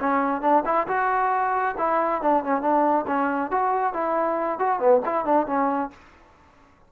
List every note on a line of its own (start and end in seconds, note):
0.00 0.42 C#4
0.42 0.64 D4
0.65 0.87 E4
0.88 1.75 F#4
1.78 2.22 E4
2.22 2.44 D4
2.44 2.62 C#4
2.62 3.06 D4
3.07 3.51 C#4
3.51 3.94 F#4
3.94 4.59 E4
4.59 4.79 F#4
4.79 5.01 B3
5.06 5.25 E4
5.25 5.47 D4
5.47 5.90 C#4